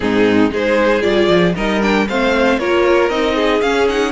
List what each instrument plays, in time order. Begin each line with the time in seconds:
0.00 cello G#2, viola C4, violin D#4 G#4
0.50 cello G#3, viola D#4, violin G#4 C5
1.01 cello G3, viola F4, violin D5
1.28 cello F3
1.55 cello G3, viola D#4, violin A#4 D#5
1.81 viola D4, violin G5
2.08 cello A3, viola C4, violin C5 F5
2.58 cello A#3, viola F4, violin A#4 C#5
3.09 cello C4, viola D#4, violin D#5
3.35 violin G#4
3.61 cello C#4, viola C#4, violin F5
3.88 viola D#4, violin F#5